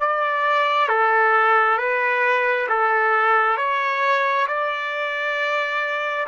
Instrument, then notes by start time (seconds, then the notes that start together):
trumpet
0.00 D5
0.89 A4
1.78 B4
2.69 A4
3.57 C#5
4.48 D5